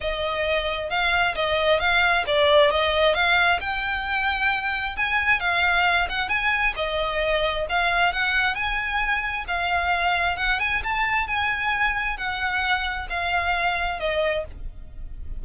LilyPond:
\new Staff \with { instrumentName = "violin" } { \time 4/4 \tempo 4 = 133 dis''2 f''4 dis''4 | f''4 d''4 dis''4 f''4 | g''2. gis''4 | f''4. fis''8 gis''4 dis''4~ |
dis''4 f''4 fis''4 gis''4~ | gis''4 f''2 fis''8 gis''8 | a''4 gis''2 fis''4~ | fis''4 f''2 dis''4 | }